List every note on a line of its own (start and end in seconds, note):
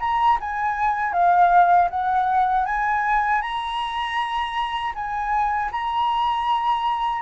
0.00 0.38 A#5
0.40 1.13 G#5
1.13 1.89 F5
1.90 2.65 F#5
2.65 3.41 G#5
3.41 4.93 A#5
4.95 5.71 G#5
5.72 7.22 A#5